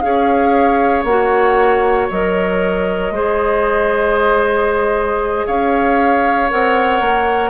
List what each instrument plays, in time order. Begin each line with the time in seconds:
0.00 bassoon C#4, clarinet G#4, oboe C#5, flute F5
1.04 bassoon A#3, clarinet F#4, flute F#5
2.11 bassoon F#3, clarinet A#4, flute D#5
3.11 bassoon G#3, clarinet G#4, oboe C5
5.46 bassoon C#4, oboe C#5, flute F5
6.50 bassoon C4, clarinet A#4, flute F#5
7.01 bassoon A#3